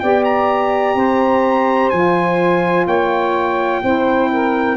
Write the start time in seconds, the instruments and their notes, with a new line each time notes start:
0.00 tuba B3, saxophone G4 D5, trumpet G5
0.24 trumpet A#5
0.95 tuba C4, saxophone C5
1.90 tuba F3, saxophone F4, trumpet G#5
2.86 tuba A#3, saxophone C#5, trumpet G5
3.82 tuba C4, saxophone E4 C5
4.32 saxophone A#4